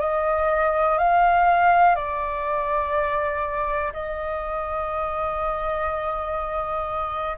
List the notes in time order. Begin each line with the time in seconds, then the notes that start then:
0.00 D#5
0.98 F5
1.95 D5
3.93 D#5